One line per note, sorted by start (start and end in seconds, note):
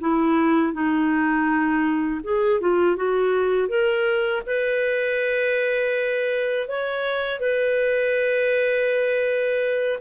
0.00 0.73 E4
0.73 2.21 D#4
2.24 2.61 G#4
2.61 2.96 F4
2.96 3.68 F#4
3.68 4.42 A#4
4.46 6.68 B4
6.68 7.40 C#5
7.40 9.99 B4